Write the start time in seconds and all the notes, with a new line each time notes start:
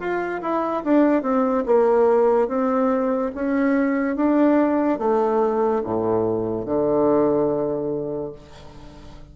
0.00 F4
0.42 E4
0.84 D4
1.23 C4
1.66 A#3
2.48 C4
3.35 C#4
4.16 D4
4.99 A3
5.84 A2
6.66 D3